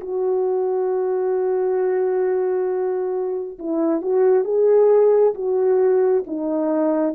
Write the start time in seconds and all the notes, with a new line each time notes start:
0.00 F#4
3.59 E4
4.01 F#4
4.44 G#4
5.34 F#4
6.26 D#4